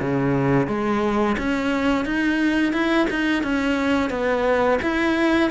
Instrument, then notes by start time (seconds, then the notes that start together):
cello
0.00 C#3
0.67 G#3
1.38 C#4
2.05 D#4
2.73 E4
3.10 D#4
3.43 C#4
4.10 B3
4.82 E4